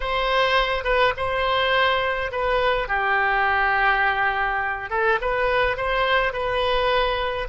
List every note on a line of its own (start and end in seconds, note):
0.00 0.84 C5
0.84 1.12 B4
1.16 2.31 C5
2.31 2.87 B4
2.87 4.89 G4
4.90 5.19 A4
5.21 5.76 B4
5.76 6.32 C5
6.32 7.48 B4